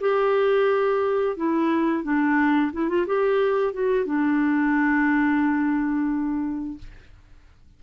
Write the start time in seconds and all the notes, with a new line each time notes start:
0.00 G4
1.37 E4
2.04 D4
2.72 E4
2.89 F4
3.07 G4
3.73 F#4
4.05 D4